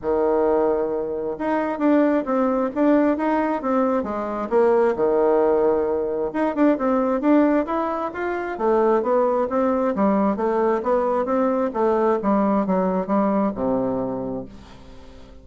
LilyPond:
\new Staff \with { instrumentName = "bassoon" } { \time 4/4 \tempo 4 = 133 dis2. dis'4 | d'4 c'4 d'4 dis'4 | c'4 gis4 ais4 dis4~ | dis2 dis'8 d'8 c'4 |
d'4 e'4 f'4 a4 | b4 c'4 g4 a4 | b4 c'4 a4 g4 | fis4 g4 c2 | }